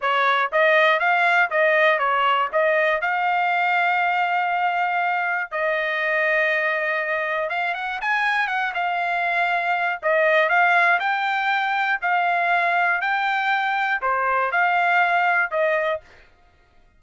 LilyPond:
\new Staff \with { instrumentName = "trumpet" } { \time 4/4 \tempo 4 = 120 cis''4 dis''4 f''4 dis''4 | cis''4 dis''4 f''2~ | f''2. dis''4~ | dis''2. f''8 fis''8 |
gis''4 fis''8 f''2~ f''8 | dis''4 f''4 g''2 | f''2 g''2 | c''4 f''2 dis''4 | }